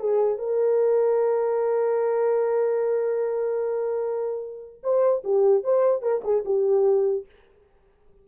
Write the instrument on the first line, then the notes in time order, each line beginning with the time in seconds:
horn
0.00 G#4
0.38 A#4
4.83 C5
5.24 G4
5.64 C5
6.02 A#4
6.24 G#4
6.45 G4